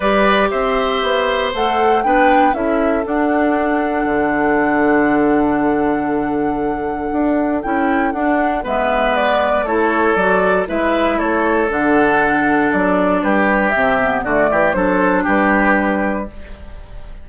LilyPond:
<<
  \new Staff \with { instrumentName = "flute" } { \time 4/4 \tempo 4 = 118 d''4 e''2 fis''4 | g''4 e''4 fis''2~ | fis''1~ | fis''2. g''4 |
fis''4 e''4 d''4 cis''4 | d''4 e''4 cis''4 fis''4~ | fis''4 d''4 b'4 e''4 | d''4 c''4 b'2 | }
  \new Staff \with { instrumentName = "oboe" } { \time 4/4 b'4 c''2. | b'4 a'2.~ | a'1~ | a'1~ |
a'4 b'2 a'4~ | a'4 b'4 a'2~ | a'2 g'2 | fis'8 g'8 a'4 g'2 | }
  \new Staff \with { instrumentName = "clarinet" } { \time 4/4 g'2. a'4 | d'4 e'4 d'2~ | d'1~ | d'2. e'4 |
d'4 b2 e'4 | fis'4 e'2 d'4~ | d'2. c'8 b8 | a4 d'2. | }
  \new Staff \with { instrumentName = "bassoon" } { \time 4/4 g4 c'4 b4 a4 | b4 cis'4 d'2 | d1~ | d2 d'4 cis'4 |
d'4 gis2 a4 | fis4 gis4 a4 d4~ | d4 fis4 g4 c4 | d8 e8 fis4 g2 | }
>>